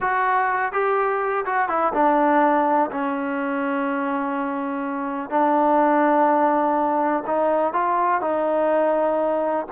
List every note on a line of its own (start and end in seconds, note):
0.00 0.72 F#4
0.72 1.45 G4
1.45 1.68 F#4
1.68 1.92 E4
1.93 2.90 D4
2.91 5.30 C#4
5.30 7.23 D4
7.26 7.73 D#4
7.73 8.21 F4
8.21 9.66 D#4